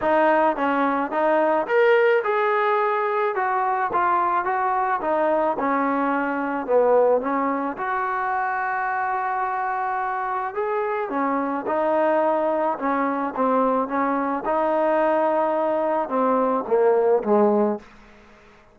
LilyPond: \new Staff \with { instrumentName = "trombone" } { \time 4/4 \tempo 4 = 108 dis'4 cis'4 dis'4 ais'4 | gis'2 fis'4 f'4 | fis'4 dis'4 cis'2 | b4 cis'4 fis'2~ |
fis'2. gis'4 | cis'4 dis'2 cis'4 | c'4 cis'4 dis'2~ | dis'4 c'4 ais4 gis4 | }